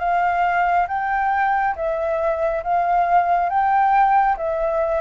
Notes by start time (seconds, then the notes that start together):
0.00 F5
0.89 G5
1.76 E5
2.64 F5
3.49 G5
4.37 E5